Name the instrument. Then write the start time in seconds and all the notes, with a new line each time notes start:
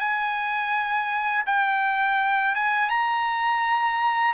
trumpet
0.00 G#5
1.47 G5
2.55 G#5
2.90 A#5